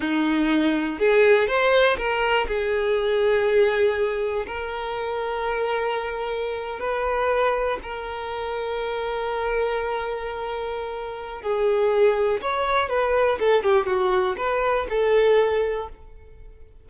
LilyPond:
\new Staff \with { instrumentName = "violin" } { \time 4/4 \tempo 4 = 121 dis'2 gis'4 c''4 | ais'4 gis'2.~ | gis'4 ais'2.~ | ais'4.~ ais'16 b'2 ais'16~ |
ais'1~ | ais'2. gis'4~ | gis'4 cis''4 b'4 a'8 g'8 | fis'4 b'4 a'2 | }